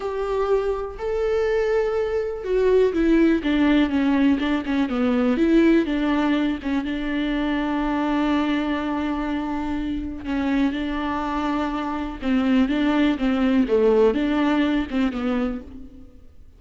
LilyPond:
\new Staff \with { instrumentName = "viola" } { \time 4/4 \tempo 4 = 123 g'2 a'2~ | a'4 fis'4 e'4 d'4 | cis'4 d'8 cis'8 b4 e'4 | d'4. cis'8 d'2~ |
d'1~ | d'4 cis'4 d'2~ | d'4 c'4 d'4 c'4 | a4 d'4. c'8 b4 | }